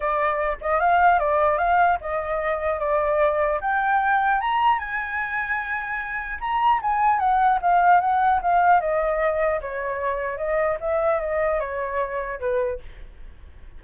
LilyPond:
\new Staff \with { instrumentName = "flute" } { \time 4/4 \tempo 4 = 150 d''4. dis''8 f''4 d''4 | f''4 dis''2 d''4~ | d''4 g''2 ais''4 | gis''1 |
ais''4 gis''4 fis''4 f''4 | fis''4 f''4 dis''2 | cis''2 dis''4 e''4 | dis''4 cis''2 b'4 | }